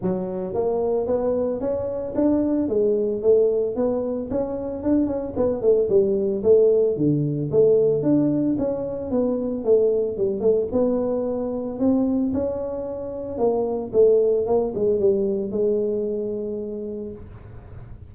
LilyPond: \new Staff \with { instrumentName = "tuba" } { \time 4/4 \tempo 4 = 112 fis4 ais4 b4 cis'4 | d'4 gis4 a4 b4 | cis'4 d'8 cis'8 b8 a8 g4 | a4 d4 a4 d'4 |
cis'4 b4 a4 g8 a8 | b2 c'4 cis'4~ | cis'4 ais4 a4 ais8 gis8 | g4 gis2. | }